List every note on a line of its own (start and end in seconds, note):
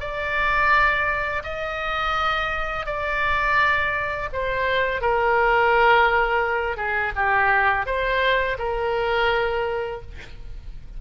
0.00 1.43 D5
1.44 2.86 D#5
2.86 4.29 D5
4.33 5.02 C5
5.02 6.77 A#4
6.77 7.13 G#4
7.16 7.86 G4
7.86 8.57 C5
8.58 10.01 A#4